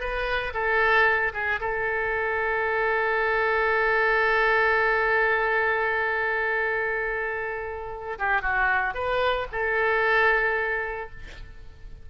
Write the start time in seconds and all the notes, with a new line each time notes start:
0.00 B4
0.53 A4
1.33 G#4
1.60 A4
8.18 G4
8.41 F#4
8.94 B4
9.51 A4